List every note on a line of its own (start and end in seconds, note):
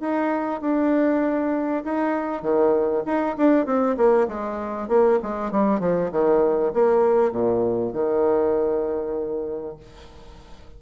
0.00 0.61 D#4
0.61 1.83 D4
1.84 2.42 D#4
2.42 3.03 D#3
3.05 3.36 D#4
3.37 3.66 D4
3.66 3.96 C4
3.97 4.27 A#3
4.28 4.88 G#3
4.88 5.19 A#3
5.22 5.51 G#3
5.51 5.80 G3
5.80 6.11 F3
6.11 6.72 D#3
6.73 7.32 A#3
7.32 7.93 A#2
7.93 9.77 D#3